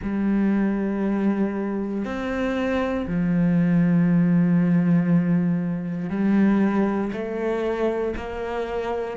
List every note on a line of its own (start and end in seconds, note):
0.02 2.04 G3
2.04 3.06 C4
3.07 6.09 F3
6.09 7.11 G3
7.12 8.14 A3
8.16 9.17 A#3